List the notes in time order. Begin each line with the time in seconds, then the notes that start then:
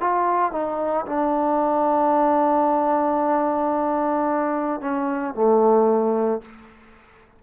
0.00 F4
0.52 D#4
1.06 D4
4.80 C#4
5.34 A3